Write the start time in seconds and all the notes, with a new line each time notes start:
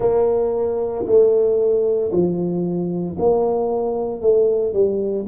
0.00 A#3
1.05 A3
2.11 F3
3.19 A#3
4.21 A3
4.73 G3